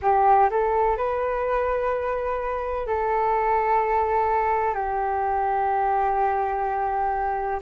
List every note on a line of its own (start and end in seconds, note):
0.02 0.49 G4
0.50 0.97 A4
0.97 2.87 B4
2.87 4.74 A4
4.74 7.60 G4